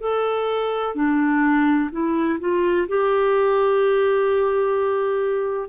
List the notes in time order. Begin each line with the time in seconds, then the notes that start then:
0.00 A4
0.95 D4
1.91 E4
2.40 F4
2.88 G4